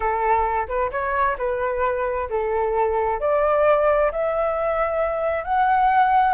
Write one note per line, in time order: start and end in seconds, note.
0.00 0.67 A4
0.68 0.90 B4
0.91 1.37 C#5
1.38 2.29 B4
2.29 3.20 A4
3.20 4.11 D5
4.11 5.44 E5
5.44 6.34 F#5